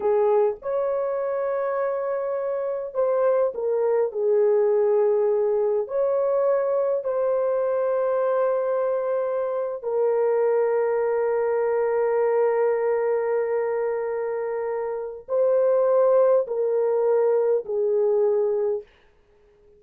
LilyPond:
\new Staff \with { instrumentName = "horn" } { \time 4/4 \tempo 4 = 102 gis'4 cis''2.~ | cis''4 c''4 ais'4 gis'4~ | gis'2 cis''2 | c''1~ |
c''8. ais'2.~ ais'16~ | ais'1~ | ais'2 c''2 | ais'2 gis'2 | }